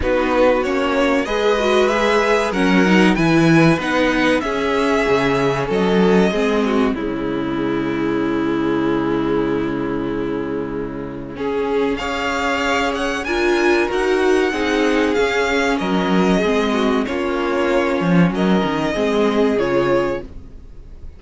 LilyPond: <<
  \new Staff \with { instrumentName = "violin" } { \time 4/4 \tempo 4 = 95 b'4 cis''4 dis''4 e''4 | fis''4 gis''4 fis''4 e''4~ | e''4 dis''2 cis''4~ | cis''1~ |
cis''2. f''4~ | f''8 fis''8 gis''4 fis''2 | f''4 dis''2 cis''4~ | cis''4 dis''2 cis''4 | }
  \new Staff \with { instrumentName = "violin" } { \time 4/4 fis'2 b'2 | ais'4 b'2 gis'4~ | gis'4 a'4 gis'8 fis'8 e'4~ | e'1~ |
e'2 gis'4 cis''4~ | cis''4 ais'2 gis'4~ | gis'4 ais'4 gis'8 fis'8 f'4~ | f'4 ais'4 gis'2 | }
  \new Staff \with { instrumentName = "viola" } { \time 4/4 dis'4 cis'4 gis'8 fis'8 gis'4 | cis'8 dis'8 e'4 dis'4 cis'4~ | cis'2 c'4 gis4~ | gis1~ |
gis2 cis'4 gis'4~ | gis'4 f'4 fis'4 dis'4 | cis'2 c'4 cis'4~ | cis'2 c'4 f'4 | }
  \new Staff \with { instrumentName = "cello" } { \time 4/4 b4 ais4 gis2 | fis4 e4 b4 cis'4 | cis4 fis4 gis4 cis4~ | cis1~ |
cis2. cis'4~ | cis'4 d'4 dis'4 c'4 | cis'4 fis4 gis4 ais4~ | ais8 f8 fis8 dis8 gis4 cis4 | }
>>